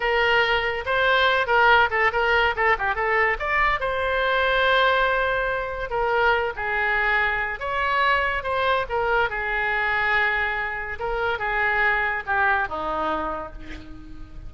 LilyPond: \new Staff \with { instrumentName = "oboe" } { \time 4/4 \tempo 4 = 142 ais'2 c''4. ais'8~ | ais'8 a'8 ais'4 a'8 g'8 a'4 | d''4 c''2.~ | c''2 ais'4. gis'8~ |
gis'2 cis''2 | c''4 ais'4 gis'2~ | gis'2 ais'4 gis'4~ | gis'4 g'4 dis'2 | }